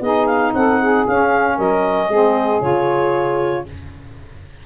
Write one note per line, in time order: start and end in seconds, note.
0.00 0.52 B3
0.00 1.06 D#4
0.00 0.52 G#4
0.00 0.26 D#5
0.26 0.52 F5
0.53 1.05 C4
0.53 0.80 A4
0.53 1.06 F#5
0.80 1.55 G#4
1.06 2.11 C#4
1.06 1.58 C#4
1.06 1.58 F5
1.55 2.08 F#3
1.55 2.07 A#4
1.55 2.61 D#5
2.07 2.60 G#3
2.07 2.61 C4
2.07 3.64 G#4
2.61 3.65 C#3
2.61 3.65 F4
2.61 3.66 C#5